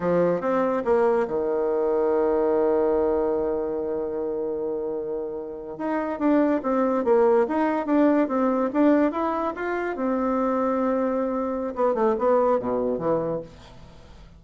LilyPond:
\new Staff \with { instrumentName = "bassoon" } { \time 4/4 \tempo 4 = 143 f4 c'4 ais4 dis4~ | dis1~ | dis1~ | dis4.~ dis16 dis'4 d'4 c'16~ |
c'8. ais4 dis'4 d'4 c'16~ | c'8. d'4 e'4 f'4 c'16~ | c'1 | b8 a8 b4 b,4 e4 | }